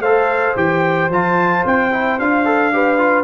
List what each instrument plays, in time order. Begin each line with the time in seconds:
0.00 tuba A3, trombone A4, horn C5, trumpet F5
0.56 tuba E3, trombone G4, trumpet G5
1.09 tuba F3, trombone F4, trumpet A5
1.65 tuba C4, trumpet G5
1.91 trombone E4
2.19 tuba D4, trombone F4, trumpet F5
2.45 trombone A4
2.73 trombone G4, horn B4
2.98 trombone F4